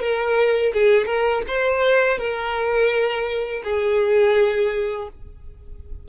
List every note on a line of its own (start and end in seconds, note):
0.00 0.72 A#4
0.74 1.06 G#4
1.06 1.42 A#4
1.48 2.18 C5
2.18 3.63 A#4
3.64 5.08 G#4